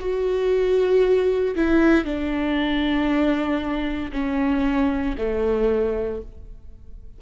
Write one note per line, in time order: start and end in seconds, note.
0.00 1.55 F#4
1.56 2.05 E4
2.05 4.11 D4
4.12 5.16 C#4
5.18 6.21 A3